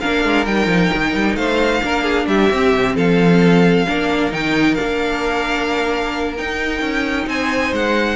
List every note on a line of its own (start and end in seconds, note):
0.00 0.24 A#3
0.00 0.46 D4
0.00 1.37 A#4
0.00 0.45 F5
0.24 0.46 G#3
0.45 0.66 G3
0.45 1.82 D#4
0.45 1.35 G5
0.66 0.89 F3
0.93 1.14 D#3
1.14 1.35 G3
1.35 1.81 A3
1.35 1.82 C5
1.35 2.26 F5
1.82 2.27 A#3
1.82 2.50 D4
1.82 2.03 A#4
2.03 2.25 G#4
2.27 2.50 G3
2.27 2.95 G4
2.27 2.95 E5
2.51 2.73 C4
2.51 3.86 C4
2.74 2.95 C3
2.95 3.86 F3
2.95 3.86 A4
2.95 4.33 F5
3.86 4.31 A#3
3.86 4.30 D4
3.86 7.28 A#4
4.30 4.77 D#3
4.30 4.76 D#4
4.30 4.74 G5
4.74 6.39 A#3
4.74 6.35 D4
4.74 6.34 F5
6.37 8.16 D#4
6.37 6.81 D#4
6.37 7.28 G5
6.81 7.26 C#4
7.26 7.72 C4
7.26 8.16 C5
7.26 7.73 G#5
7.72 8.16 G#3
7.72 8.16 F#5